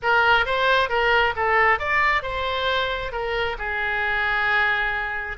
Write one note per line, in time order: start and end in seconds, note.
0.02 0.45 A#4
0.45 0.89 C5
0.89 1.34 A#4
1.36 1.79 A4
1.79 2.22 D5
2.22 3.11 C5
3.11 3.56 A#4
3.58 5.37 G#4